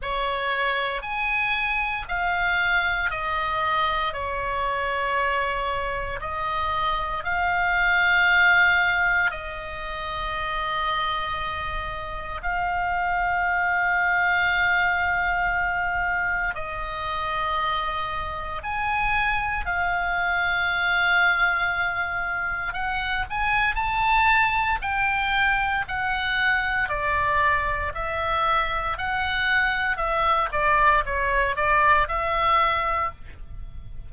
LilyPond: \new Staff \with { instrumentName = "oboe" } { \time 4/4 \tempo 4 = 58 cis''4 gis''4 f''4 dis''4 | cis''2 dis''4 f''4~ | f''4 dis''2. | f''1 |
dis''2 gis''4 f''4~ | f''2 fis''8 gis''8 a''4 | g''4 fis''4 d''4 e''4 | fis''4 e''8 d''8 cis''8 d''8 e''4 | }